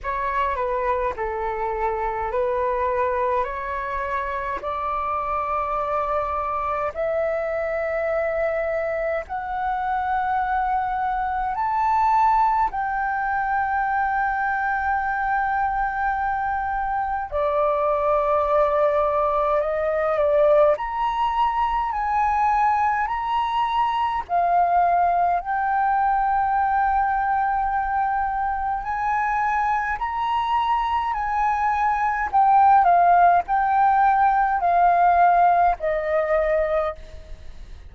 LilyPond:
\new Staff \with { instrumentName = "flute" } { \time 4/4 \tempo 4 = 52 cis''8 b'8 a'4 b'4 cis''4 | d''2 e''2 | fis''2 a''4 g''4~ | g''2. d''4~ |
d''4 dis''8 d''8 ais''4 gis''4 | ais''4 f''4 g''2~ | g''4 gis''4 ais''4 gis''4 | g''8 f''8 g''4 f''4 dis''4 | }